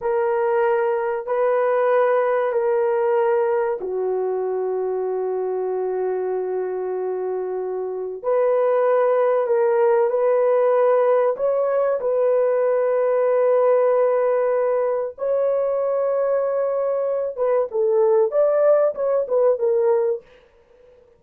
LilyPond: \new Staff \with { instrumentName = "horn" } { \time 4/4 \tempo 4 = 95 ais'2 b'2 | ais'2 fis'2~ | fis'1~ | fis'4 b'2 ais'4 |
b'2 cis''4 b'4~ | b'1 | cis''2.~ cis''8 b'8 | a'4 d''4 cis''8 b'8 ais'4 | }